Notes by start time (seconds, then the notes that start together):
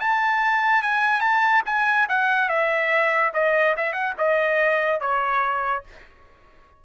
0.00 A5
0.82 G#5
1.20 A5
1.66 G#5
2.09 F#5
2.48 E5
3.33 D#5
3.77 E5
3.93 F#5
4.18 D#5
5.00 C#5